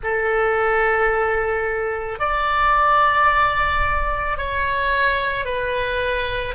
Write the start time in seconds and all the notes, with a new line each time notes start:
0.03 A4
2.19 D5
4.37 C#5
5.45 B4